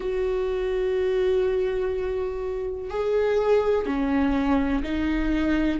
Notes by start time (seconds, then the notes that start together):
0.00 F#4
2.90 G#4
3.85 C#4
4.83 D#4